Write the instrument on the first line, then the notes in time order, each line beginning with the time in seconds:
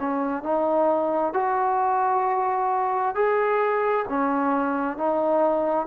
trombone
0.00 C#4
0.43 D#4
1.34 F#4
3.15 G#4
4.09 C#4
4.98 D#4